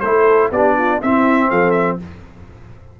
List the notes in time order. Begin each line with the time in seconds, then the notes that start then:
0.00 A3 E4 A4 C5
0.51 B3 D4 G4 D5
0.77 F4
1.02 C4 E4 E5
1.50 F3 A4 F5
1.71 E5